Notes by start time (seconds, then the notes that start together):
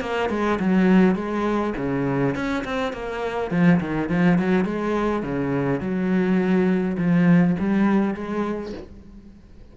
0.00 A#3
0.29 G#3
0.59 F#3
1.15 G#3
1.77 C#3
2.35 C#4
2.64 C4
2.93 A#3
3.50 F3
3.80 D#3
4.09 F3
4.38 F#3
4.64 G#3
5.22 C#3
5.80 F#3
6.97 F3
7.59 G3
8.14 G#3